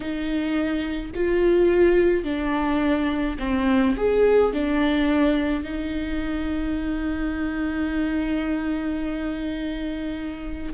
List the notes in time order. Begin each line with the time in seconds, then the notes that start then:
0.00 D#4
1.14 F4
2.24 D4
3.39 C4
3.96 G#4
4.52 D4
5.63 D#4